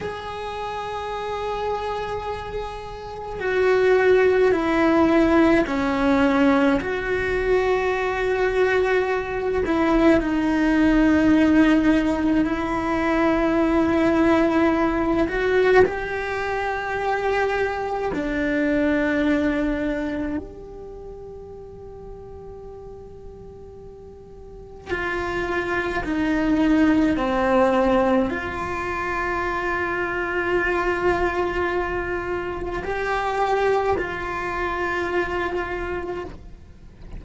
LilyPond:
\new Staff \with { instrumentName = "cello" } { \time 4/4 \tempo 4 = 53 gis'2. fis'4 | e'4 cis'4 fis'2~ | fis'8 e'8 dis'2 e'4~ | e'4. fis'8 g'2 |
d'2 g'2~ | g'2 f'4 dis'4 | c'4 f'2.~ | f'4 g'4 f'2 | }